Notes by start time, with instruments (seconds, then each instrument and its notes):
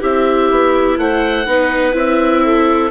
0.00 bassoon C4, viola E4, clarinet G4, oboe E5
0.50 bassoon B3
0.97 bassoon A3, clarinet C5, oboe F#5
1.46 bassoon B3, viola D#4, clarinet B4
1.93 bassoon C4, viola E4, oboe E5
2.44 clarinet A4